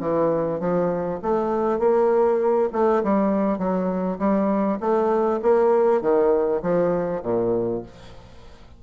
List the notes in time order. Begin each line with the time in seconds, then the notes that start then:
0.00 E3
0.60 F3
1.22 A3
1.79 A#3
2.73 A3
3.04 G3
3.59 F#3
4.19 G3
4.80 A3
5.42 A#3
6.02 D#3
6.62 F3
7.23 A#2